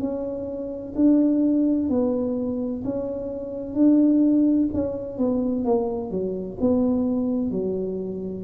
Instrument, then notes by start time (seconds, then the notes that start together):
tuba
0.00 C#4
0.96 D4
1.90 B3
2.85 C#4
3.75 D4
4.74 C#4
5.18 B3
5.65 A#3
6.11 F#3
6.61 B3
7.52 F#3